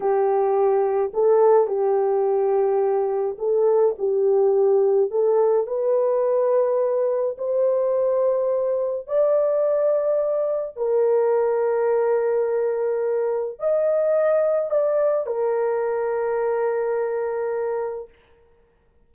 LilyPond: \new Staff \with { instrumentName = "horn" } { \time 4/4 \tempo 4 = 106 g'2 a'4 g'4~ | g'2 a'4 g'4~ | g'4 a'4 b'2~ | b'4 c''2. |
d''2. ais'4~ | ais'1 | dis''2 d''4 ais'4~ | ais'1 | }